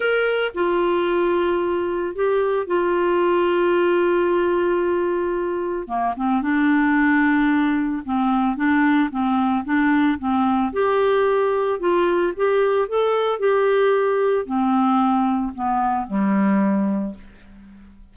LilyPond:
\new Staff \with { instrumentName = "clarinet" } { \time 4/4 \tempo 4 = 112 ais'4 f'2. | g'4 f'2.~ | f'2. ais8 c'8 | d'2. c'4 |
d'4 c'4 d'4 c'4 | g'2 f'4 g'4 | a'4 g'2 c'4~ | c'4 b4 g2 | }